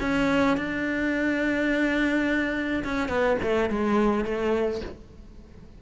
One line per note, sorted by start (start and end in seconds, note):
0.00 0.57 C#4
0.57 2.83 D4
2.84 3.08 C#4
3.08 3.37 B3
3.42 3.69 A3
3.69 4.24 G#3
4.24 4.81 A3